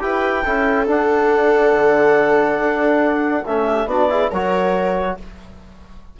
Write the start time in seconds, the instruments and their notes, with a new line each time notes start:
0.00 bassoon E4, trombone G4, viola B4, clarinet G5
0.44 bassoon C#4, trombone E4, viola A4
0.87 bassoon D4, trombone D4, clarinet F#5
1.73 bassoon D3
2.58 bassoon D4
3.46 bassoon A3, trombone C#4, clarinet E5
3.65 viola G4
3.86 bassoon B3, trombone D4, viola F#4, clarinet D5
4.10 trombone E4, viola G#4
4.31 bassoon F#3, trombone F#4, viola A#4, clarinet C#5